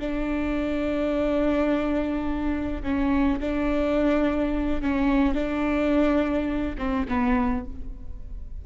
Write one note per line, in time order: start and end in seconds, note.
0.00 2.83 D4
2.83 3.40 C#4
3.41 4.82 D4
4.82 5.35 C#4
5.35 6.76 D4
6.78 7.07 C4
7.09 7.66 B3